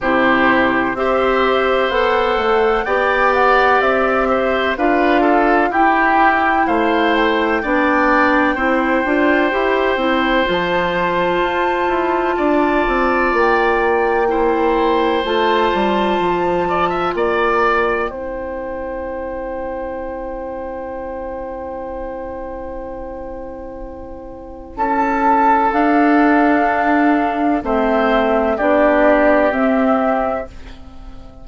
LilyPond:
<<
  \new Staff \with { instrumentName = "flute" } { \time 4/4 \tempo 4 = 63 c''4 e''4 fis''4 g''8 fis''8 | e''4 f''4 g''4 f''8 g''8~ | g''2. a''4~ | a''2 g''2 |
a''2 g''2~ | g''1~ | g''2 a''4 f''4~ | f''4 e''4 d''4 e''4 | }
  \new Staff \with { instrumentName = "oboe" } { \time 4/4 g'4 c''2 d''4~ | d''8 c''8 b'8 a'8 g'4 c''4 | d''4 c''2.~ | c''4 d''2 c''4~ |
c''4. d''16 e''16 d''4 c''4~ | c''1~ | c''2 a'2~ | a'4 c''4 g'2 | }
  \new Staff \with { instrumentName = "clarinet" } { \time 4/4 e'4 g'4 a'4 g'4~ | g'4 f'4 e'2 | d'4 e'8 f'8 g'8 e'8 f'4~ | f'2. e'4 |
f'2. e'4~ | e'1~ | e'2. d'4~ | d'4 c'4 d'4 c'4 | }
  \new Staff \with { instrumentName = "bassoon" } { \time 4/4 c4 c'4 b8 a8 b4 | c'4 d'4 e'4 a4 | b4 c'8 d'8 e'8 c'8 f4 | f'8 e'8 d'8 c'8 ais2 |
a8 g8 f4 ais4 c'4~ | c'1~ | c'2 cis'4 d'4~ | d'4 a4 b4 c'4 | }
>>